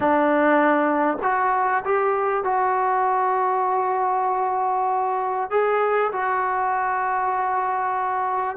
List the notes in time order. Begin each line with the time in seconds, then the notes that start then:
0.00 D4
1.22 F#4
1.85 G4
2.44 F#4
5.50 G#4
6.12 F#4